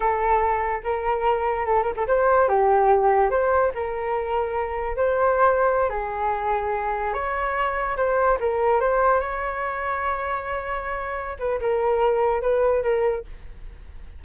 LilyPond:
\new Staff \with { instrumentName = "flute" } { \time 4/4 \tempo 4 = 145 a'2 ais'2 | a'8 ais'16 a'16 c''4 g'2 | c''4 ais'2. | c''2~ c''16 gis'4.~ gis'16~ |
gis'4~ gis'16 cis''2 c''8.~ | c''16 ais'4 c''4 cis''4.~ cis''16~ | cis''2.~ cis''8 b'8 | ais'2 b'4 ais'4 | }